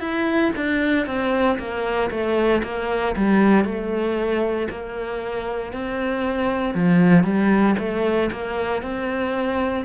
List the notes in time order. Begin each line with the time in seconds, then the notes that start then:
0.00 E4
0.57 D4
1.07 C4
1.59 A#3
2.11 A3
2.64 A#3
3.16 G3
3.65 A3
4.71 A#3
5.73 C4
6.75 F3
7.24 G3
7.79 A3
8.32 A#3
8.83 C4